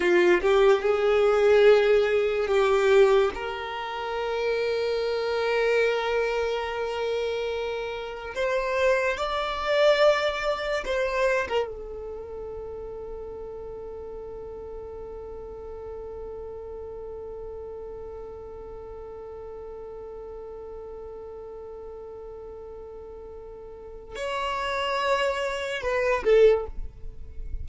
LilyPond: \new Staff \with { instrumentName = "violin" } { \time 4/4 \tempo 4 = 72 f'8 g'8 gis'2 g'4 | ais'1~ | ais'2 c''4 d''4~ | d''4 c''8. ais'16 a'2~ |
a'1~ | a'1~ | a'1~ | a'4 cis''2 b'8 a'8 | }